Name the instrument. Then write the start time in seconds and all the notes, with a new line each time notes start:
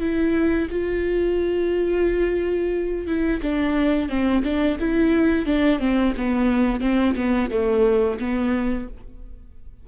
viola
0.00 E4
0.71 F4
3.07 E4
3.42 D4
4.09 C4
4.44 D4
4.80 E4
5.46 D4
5.79 C4
6.17 B3
6.81 C4
7.16 B3
7.51 A3
8.19 B3